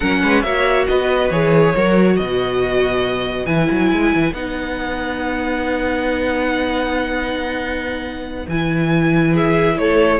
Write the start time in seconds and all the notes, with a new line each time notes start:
0.00 F#3 C#4 A#4 F#5
0.22 G#3 B4
0.42 A#3 F#4 C#5 E5
0.88 B3 B4 D#5
1.30 E3 G#4 C#5
1.75 F#3 F#4 A#4
2.16 B2 B4 D#5
3.46 E3 E4 G#5
3.70 F#3
3.91 G#3
4.14 E3
4.32 B3 D#4 F#5
8.47 E3 E4 G#5
9.33 G#4 E5
9.78 A3 A4 C#5